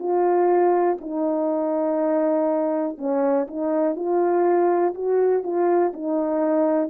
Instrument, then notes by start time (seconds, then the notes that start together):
horn
0.00 F4
1.01 D#4
2.98 C#4
3.48 D#4
3.96 F4
4.95 F#4
5.44 F4
5.94 D#4